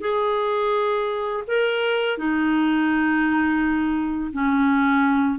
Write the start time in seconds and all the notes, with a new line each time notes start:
0.00 G#4
1.47 A#4
2.17 D#4
4.32 C#4